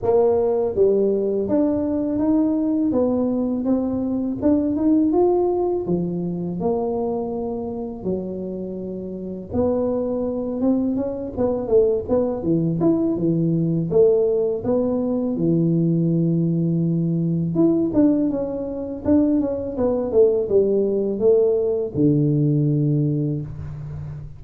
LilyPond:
\new Staff \with { instrumentName = "tuba" } { \time 4/4 \tempo 4 = 82 ais4 g4 d'4 dis'4 | b4 c'4 d'8 dis'8 f'4 | f4 ais2 fis4~ | fis4 b4. c'8 cis'8 b8 |
a8 b8 e8 e'8 e4 a4 | b4 e2. | e'8 d'8 cis'4 d'8 cis'8 b8 a8 | g4 a4 d2 | }